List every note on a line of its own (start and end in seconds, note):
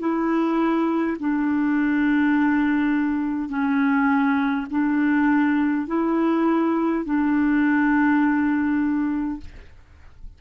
0.00 1.18 E4
1.20 3.49 D4
3.49 4.67 C#4
4.71 5.88 D4
5.88 7.05 E4
7.05 9.41 D4